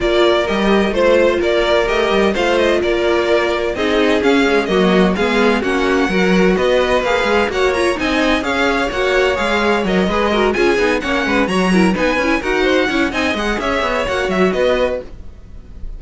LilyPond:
<<
  \new Staff \with { instrumentName = "violin" } { \time 4/4 \tempo 4 = 128 d''4 dis''4 c''4 d''4 | dis''4 f''8 dis''8 d''2 | dis''4 f''4 dis''4 f''4 | fis''2 dis''4 f''4 |
fis''8 ais''8 gis''4 f''4 fis''4 | f''4 dis''4. gis''4 fis''8~ | fis''8 ais''4 gis''4 fis''4. | gis''8 fis''8 e''4 fis''8 e''8 dis''4 | }
  \new Staff \with { instrumentName = "violin" } { \time 4/4 ais'2 c''4 ais'4~ | ais'4 c''4 ais'2 | gis'2 fis'4 gis'4 | fis'4 ais'4 b'2 |
cis''4 dis''4 cis''2~ | cis''4. b'8 ais'8 gis'4 cis''8 | b'8 cis''8 ais'8 b'4 ais'8 c''8 cis''8 | dis''4 cis''2 b'4 | }
  \new Staff \with { instrumentName = "viola" } { \time 4/4 f'4 g'4 f'2 | g'4 f'2. | dis'4 cis'8 gis8 ais4 b4 | cis'4 fis'2 gis'4 |
fis'8 f'8 dis'4 gis'4 fis'4 | gis'4 ais'8 gis'8 fis'8 f'8 dis'8 cis'8~ | cis'8 fis'8 e'8 dis'8 e'8 fis'4 e'8 | dis'8 gis'4. fis'2 | }
  \new Staff \with { instrumentName = "cello" } { \time 4/4 ais4 g4 a4 ais4 | a8 g8 a4 ais2 | c'4 cis'4 fis4 gis4 | ais4 fis4 b4 ais8 gis8 |
ais4 c'4 cis'4 ais4 | gis4 fis8 gis4 cis'8 b8 ais8 | gis8 fis4 b8 cis'8 dis'4 cis'8 | c'8 gis8 cis'8 b8 ais8 fis8 b4 | }
>>